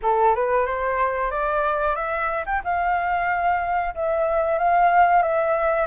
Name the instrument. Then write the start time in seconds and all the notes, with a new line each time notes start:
flute
0.02 A4
0.35 B4
0.66 C5
1.30 D5
1.95 E5
2.46 G5
2.64 F5
3.95 E5
4.58 F5
5.22 E5